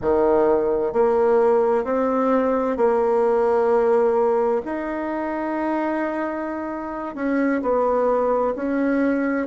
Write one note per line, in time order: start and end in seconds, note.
0.01 0.92 D#3
0.92 1.84 A#3
1.84 2.77 C4
2.77 4.61 A#3
4.65 7.15 D#4
7.15 7.61 C#4
7.62 8.54 B3
8.55 9.47 C#4